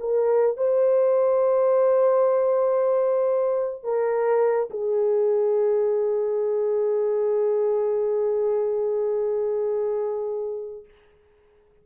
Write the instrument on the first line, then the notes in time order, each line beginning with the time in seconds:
horn
0.00 A#4
0.57 C5
3.84 A#4
4.70 G#4